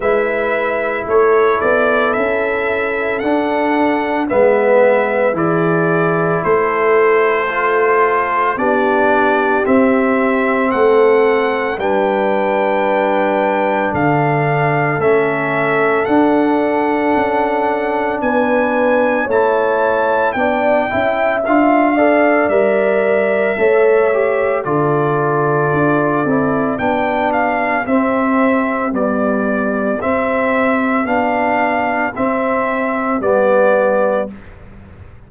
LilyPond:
<<
  \new Staff \with { instrumentName = "trumpet" } { \time 4/4 \tempo 4 = 56 e''4 cis''8 d''8 e''4 fis''4 | e''4 d''4 c''2 | d''4 e''4 fis''4 g''4~ | g''4 f''4 e''4 fis''4~ |
fis''4 gis''4 a''4 g''4 | f''4 e''2 d''4~ | d''4 g''8 f''8 e''4 d''4 | e''4 f''4 e''4 d''4 | }
  \new Staff \with { instrumentName = "horn" } { \time 4/4 b'4 a'2. | b'4 gis'4 a'2 | g'2 a'4 b'4~ | b'4 a'2.~ |
a'4 b'4 cis''4 d''8 e''8~ | e''8 d''4. cis''4 a'4~ | a'4 g'2.~ | g'1 | }
  \new Staff \with { instrumentName = "trombone" } { \time 4/4 e'2. d'4 | b4 e'2 f'4 | d'4 c'2 d'4~ | d'2 cis'4 d'4~ |
d'2 e'4 d'8 e'8 | f'8 a'8 ais'4 a'8 g'8 f'4~ | f'8 e'8 d'4 c'4 g4 | c'4 d'4 c'4 b4 | }
  \new Staff \with { instrumentName = "tuba" } { \time 4/4 gis4 a8 b8 cis'4 d'4 | gis4 e4 a2 | b4 c'4 a4 g4~ | g4 d4 a4 d'4 |
cis'4 b4 a4 b8 cis'8 | d'4 g4 a4 d4 | d'8 c'8 b4 c'4 b4 | c'4 b4 c'4 g4 | }
>>